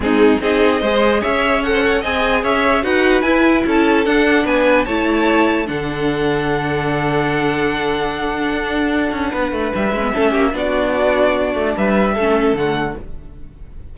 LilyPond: <<
  \new Staff \with { instrumentName = "violin" } { \time 4/4 \tempo 4 = 148 gis'4 dis''2 e''4 | fis''4 gis''4 e''4 fis''4 | gis''4 a''4 fis''4 gis''4 | a''2 fis''2~ |
fis''1~ | fis''1 | e''2 d''2~ | d''4 e''2 fis''4 | }
  \new Staff \with { instrumentName = "violin" } { \time 4/4 dis'4 gis'4 c''4 cis''4~ | cis''16 c''16 cis''8 dis''4 cis''4 b'4~ | b'4 a'2 b'4 | cis''2 a'2~ |
a'1~ | a'2. b'4~ | b'4 a'8 g'8 fis'2~ | fis'4 b'4 a'2 | }
  \new Staff \with { instrumentName = "viola" } { \time 4/4 c'4 dis'4 gis'2 | a'4 gis'2 fis'4 | e'2 d'2 | e'2 d'2~ |
d'1~ | d'1~ | d'8 cis'16 b16 cis'4 d'2~ | d'2 cis'4 a4 | }
  \new Staff \with { instrumentName = "cello" } { \time 4/4 gis4 c'4 gis4 cis'4~ | cis'4 c'4 cis'4 dis'4 | e'4 cis'4 d'4 b4 | a2 d2~ |
d1~ | d4 d'4. cis'8 b8 a8 | g8 gis8 a8 ais8 b2~ | b8 a8 g4 a4 d4 | }
>>